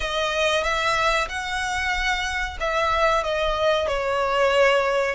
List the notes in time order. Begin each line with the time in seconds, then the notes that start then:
0.00 D#5
0.63 E5
1.28 F#5
2.60 E5
3.23 D#5
3.87 C#5